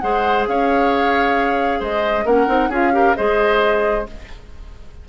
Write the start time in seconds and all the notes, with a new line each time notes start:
0.00 G#3 G#4 C5 F#5
0.48 C#4 C#5 F5
1.80 G#3 C5 D#5
2.25 A#3 C#4 A#4 F#5
2.47 C4 D#4
2.69 C#4 F4 G#4 F5
2.93 G4 A#4
3.16 G#3 G#4 C5 D#5